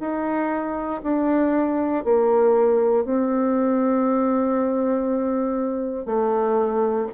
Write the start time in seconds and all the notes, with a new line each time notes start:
0.00 D#4
1.03 D4
2.04 A#3
3.05 C4
6.06 A3